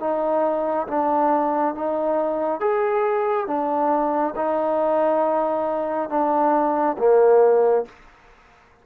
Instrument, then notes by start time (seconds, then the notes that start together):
trombone
0.00 D#4
0.88 D4
1.75 D#4
2.60 G#4
3.47 D4
4.36 D#4
6.10 D4
6.98 A#3